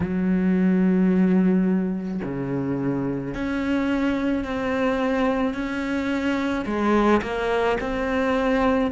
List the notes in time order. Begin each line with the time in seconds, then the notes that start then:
0.00 F#3
2.24 C#3
3.34 C#4
4.44 C4
5.54 C#4
6.65 G#3
7.22 A#3
7.80 C4